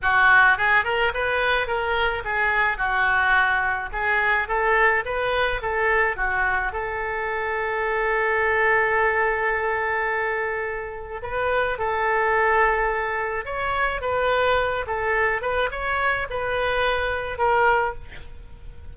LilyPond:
\new Staff \with { instrumentName = "oboe" } { \time 4/4 \tempo 4 = 107 fis'4 gis'8 ais'8 b'4 ais'4 | gis'4 fis'2 gis'4 | a'4 b'4 a'4 fis'4 | a'1~ |
a'1 | b'4 a'2. | cis''4 b'4. a'4 b'8 | cis''4 b'2 ais'4 | }